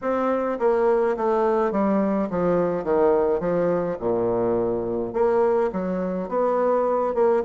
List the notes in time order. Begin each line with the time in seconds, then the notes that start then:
0.01 C4
0.59 A#3
1.16 A3
1.71 G3
2.29 F3
2.84 D#3
3.40 F3
3.99 A#2
5.13 A#3
5.72 F#3
6.28 B3
7.14 A#3